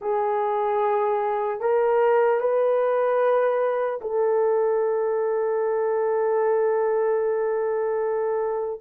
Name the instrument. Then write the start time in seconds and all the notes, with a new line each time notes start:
horn
0.01 G#4
1.60 A#4
2.40 B4
4.01 A4